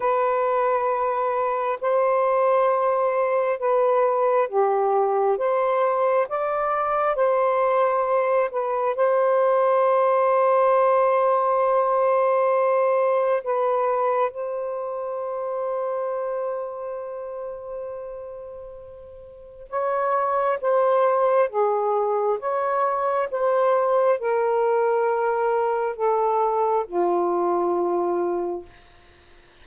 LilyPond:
\new Staff \with { instrumentName = "saxophone" } { \time 4/4 \tempo 4 = 67 b'2 c''2 | b'4 g'4 c''4 d''4 | c''4. b'8 c''2~ | c''2. b'4 |
c''1~ | c''2 cis''4 c''4 | gis'4 cis''4 c''4 ais'4~ | ais'4 a'4 f'2 | }